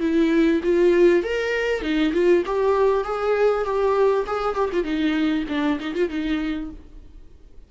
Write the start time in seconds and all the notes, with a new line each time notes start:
0.00 E4
0.63 F4
1.23 A#4
1.82 D#4
2.13 F4
2.45 G4
3.04 G#4
3.64 G4
4.26 G#4
4.55 G4
4.72 F4
4.83 D#4
5.48 D4
5.80 D#4
5.94 F4
6.09 D#4